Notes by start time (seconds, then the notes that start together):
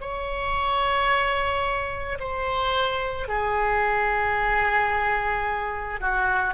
0.00 C#5
2.19 C5
3.28 G#4
6.00 F#4